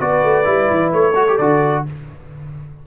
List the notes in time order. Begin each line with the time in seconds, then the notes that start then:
0.00 B3 F#4 B4 D5
0.23 A3
0.44 G3 E4
0.70 E3
0.93 A3 C#5
1.15 F#4 A4
1.28 G4
1.37 D3 F#4 D5